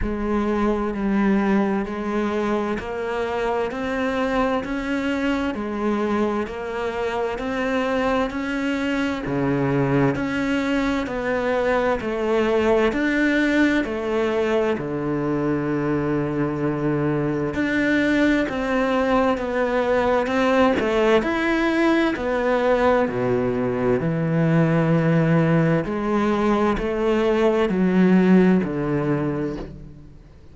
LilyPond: \new Staff \with { instrumentName = "cello" } { \time 4/4 \tempo 4 = 65 gis4 g4 gis4 ais4 | c'4 cis'4 gis4 ais4 | c'4 cis'4 cis4 cis'4 | b4 a4 d'4 a4 |
d2. d'4 | c'4 b4 c'8 a8 e'4 | b4 b,4 e2 | gis4 a4 fis4 d4 | }